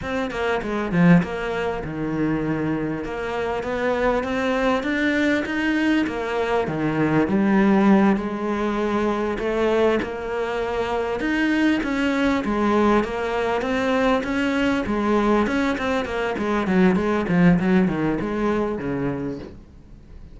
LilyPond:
\new Staff \with { instrumentName = "cello" } { \time 4/4 \tempo 4 = 99 c'8 ais8 gis8 f8 ais4 dis4~ | dis4 ais4 b4 c'4 | d'4 dis'4 ais4 dis4 | g4. gis2 a8~ |
a8 ais2 dis'4 cis'8~ | cis'8 gis4 ais4 c'4 cis'8~ | cis'8 gis4 cis'8 c'8 ais8 gis8 fis8 | gis8 f8 fis8 dis8 gis4 cis4 | }